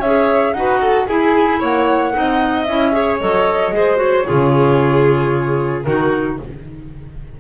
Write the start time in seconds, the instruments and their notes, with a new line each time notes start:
0.00 double bass C#4, clarinet G#4, violin C#5, flute E5
0.54 double bass D#4, clarinet F#4, violin B4, flute F#5
0.81 violin A4
1.07 clarinet E4, double bass E4, violin G#4, flute G#5
1.60 double bass A#3, violin C#5, flute F#5
2.13 double bass C4, clarinet D#4, violin D#5
2.64 double bass C#4, clarinet E4, flute E5
2.93 clarinet G#4, violin C#5
3.21 double bass F#3, clarinet A4, flute D#5
3.72 double bass G#3, clarinet G#4, violin C5
3.97 clarinet F#4, flute C#5
4.26 double bass C#3, clarinet F4, violin G#4
5.83 double bass D#3, clarinet D#4, violin F#4, flute A#4